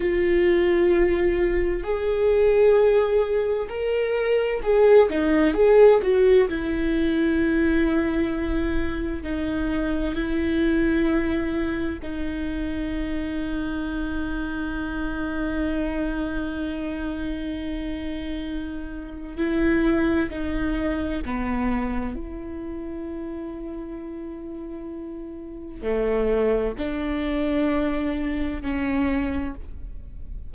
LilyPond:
\new Staff \with { instrumentName = "viola" } { \time 4/4 \tempo 4 = 65 f'2 gis'2 | ais'4 gis'8 dis'8 gis'8 fis'8 e'4~ | e'2 dis'4 e'4~ | e'4 dis'2.~ |
dis'1~ | dis'4 e'4 dis'4 b4 | e'1 | a4 d'2 cis'4 | }